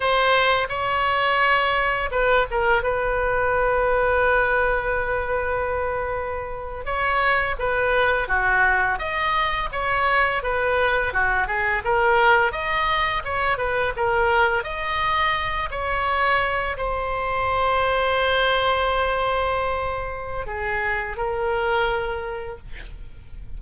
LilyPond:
\new Staff \with { instrumentName = "oboe" } { \time 4/4 \tempo 4 = 85 c''4 cis''2 b'8 ais'8 | b'1~ | b'4.~ b'16 cis''4 b'4 fis'16~ | fis'8. dis''4 cis''4 b'4 fis'16~ |
fis'16 gis'8 ais'4 dis''4 cis''8 b'8 ais'16~ | ais'8. dis''4. cis''4. c''16~ | c''1~ | c''4 gis'4 ais'2 | }